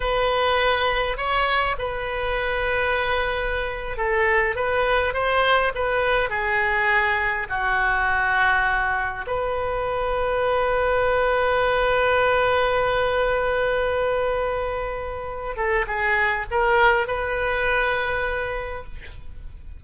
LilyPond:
\new Staff \with { instrumentName = "oboe" } { \time 4/4 \tempo 4 = 102 b'2 cis''4 b'4~ | b'2~ b'8. a'4 b'16~ | b'8. c''4 b'4 gis'4~ gis'16~ | gis'8. fis'2. b'16~ |
b'1~ | b'1~ | b'2~ b'8 a'8 gis'4 | ais'4 b'2. | }